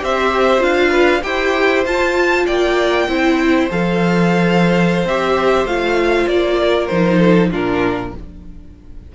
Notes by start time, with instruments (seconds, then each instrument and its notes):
0.00 cello C4, viola G4, violin C5 E5
0.59 cello D4, viola F4, violin F5
0.90 violin B4
1.23 cello E4, viola G4, violin C5 G5
1.85 cello F4, viola F4, violin A5
2.46 cello A#3, violin D5 G5
3.08 cello C4, viola E4, violin C5
3.70 cello F3, viola A4, violin F5
5.05 cello C4, viola G4, violin E5
5.65 cello A3, viola F4, violin F5
6.27 cello A#3, violin D5
6.61 violin A#4
6.87 cello F3, viola D#4, violin C5
7.19 violin A4
7.51 cello A#2, viola D4, violin F4 A#4